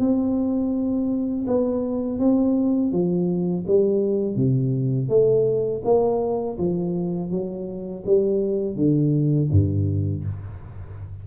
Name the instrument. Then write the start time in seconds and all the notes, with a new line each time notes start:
tuba
0.00 C4
1.48 B3
2.20 C4
2.93 F3
3.68 G3
4.36 C3
5.10 A3
5.85 A#3
6.59 F3
7.31 F#3
8.07 G3
8.76 D3
9.52 G2